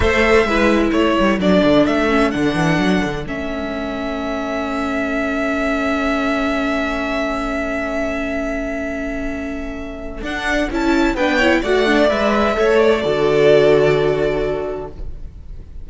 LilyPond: <<
  \new Staff \with { instrumentName = "violin" } { \time 4/4 \tempo 4 = 129 e''2 cis''4 d''4 | e''4 fis''2 e''4~ | e''1~ | e''1~ |
e''1~ | e''2 fis''4 a''4 | g''4 fis''4 e''4. d''8~ | d''1 | }
  \new Staff \with { instrumentName = "violin" } { \time 4/4 c''4 b'4 a'2~ | a'1~ | a'1~ | a'1~ |
a'1~ | a'1 | b'8 cis''8 d''2 cis''4 | a'1 | }
  \new Staff \with { instrumentName = "viola" } { \time 4/4 a'4 e'2 d'4~ | d'8 cis'8 d'2 cis'4~ | cis'1~ | cis'1~ |
cis'1~ | cis'2 d'4 e'4 | d'8 e'8 fis'8 d'8 b'4 a'4 | fis'1 | }
  \new Staff \with { instrumentName = "cello" } { \time 4/4 a4 gis4 a8 g8 fis8 d8 | a4 d8 e8 fis8 d8 a4~ | a1~ | a1~ |
a1~ | a2 d'4 cis'4 | b4 a4 gis4 a4 | d1 | }
>>